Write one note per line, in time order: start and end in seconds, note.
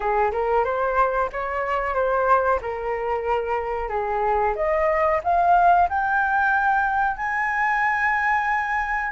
0.00 0.31 G#4
0.31 0.64 A#4
0.64 1.29 C5
1.32 1.94 C#5
1.94 2.59 C5
2.61 3.89 A#4
3.89 4.54 G#4
4.55 5.21 D#5
5.23 5.88 F5
5.89 7.17 G5
7.17 9.11 G#5